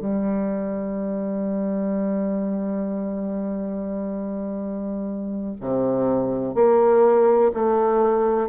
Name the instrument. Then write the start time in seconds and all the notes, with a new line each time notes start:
bassoon
0.00 G3
5.61 C3
6.55 A#3
7.54 A3